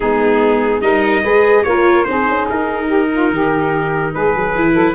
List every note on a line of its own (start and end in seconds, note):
0.00 0.81 G#3
0.00 0.81 B3
0.00 0.82 D#4
0.00 0.81 G#4
0.81 1.22 G3
0.81 1.23 D#4
0.81 1.22 A#4
0.81 1.63 D#5
1.22 1.64 G#3
1.22 1.66 G#4
1.22 1.63 B4
1.63 2.06 A#3
1.63 2.05 F4
1.63 2.08 A#4
1.63 2.04 C#5
2.04 2.28 C4
2.04 4.54 D#4
2.04 2.86 G#4
2.04 2.45 C5
2.28 2.49 C#4
2.49 3.30 D#4
2.49 4.13 A#4
2.86 3.07 G4
3.12 3.33 F4
3.30 4.13 D#3
3.30 4.13 G4
4.13 4.35 G#3
4.13 4.72 G#4
4.13 4.94 B4
4.35 4.55 F#3
4.55 4.75 E3
4.55 4.94 E4
4.72 4.94 F#3
4.72 4.93 A4